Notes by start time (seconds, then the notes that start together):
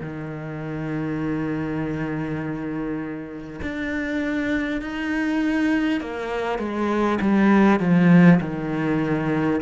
0.00 D#3
3.62 D4
4.81 D#4
6.01 A#3
6.58 G#3
7.21 G3
7.79 F3
8.41 D#3